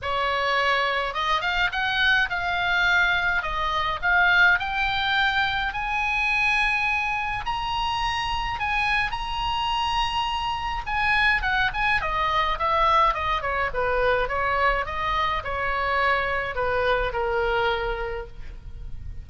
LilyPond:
\new Staff \with { instrumentName = "oboe" } { \time 4/4 \tempo 4 = 105 cis''2 dis''8 f''8 fis''4 | f''2 dis''4 f''4 | g''2 gis''2~ | gis''4 ais''2 gis''4 |
ais''2. gis''4 | fis''8 gis''8 dis''4 e''4 dis''8 cis''8 | b'4 cis''4 dis''4 cis''4~ | cis''4 b'4 ais'2 | }